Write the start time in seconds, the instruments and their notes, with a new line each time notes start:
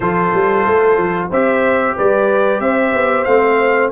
0.00 tuba F3, trombone F4, horn A4, trumpet C5
0.33 tuba G3
0.66 tuba A3
0.97 tuba F3
1.29 tuba C4, trombone G4, horn C5, trumpet E5
1.96 tuba G3, horn B4, trumpet D5
2.60 tuba C4, horn C5, trumpet E5
2.93 tuba B3
3.24 tuba A3, trombone C4, trumpet F5